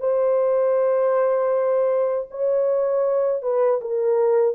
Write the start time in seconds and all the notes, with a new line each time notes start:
0.00 C5
2.31 C#5
3.42 B4
3.81 A#4